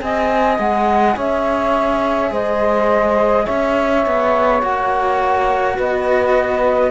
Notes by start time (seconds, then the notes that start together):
0.00 C4 G#4 D#5 G#5
0.58 G#3 F#5
1.15 C#4 C#5 E5
2.30 G#3 C5 D#5
3.44 C#4 C#5 E5
4.06 B3
4.61 A#3 F#4 F#5
5.75 B3 B4 D#5